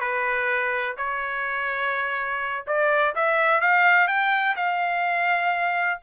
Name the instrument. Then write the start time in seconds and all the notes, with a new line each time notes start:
trumpet
0.00 B4
0.97 C#5
2.67 D5
3.15 E5
3.61 F5
4.08 G5
4.56 F5